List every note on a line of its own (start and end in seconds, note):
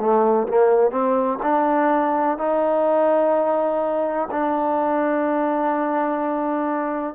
0.00 0.48 A3
0.48 0.91 A#3
0.91 1.39 C4
1.43 2.38 D4
2.38 4.29 D#4
4.31 7.15 D4